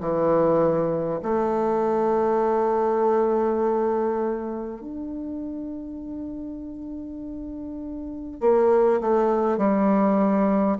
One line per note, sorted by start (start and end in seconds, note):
0.00 1.20 E3
1.22 4.81 A3
4.81 8.40 D4
8.40 9.00 A#3
9.00 9.57 A3
9.57 10.77 G3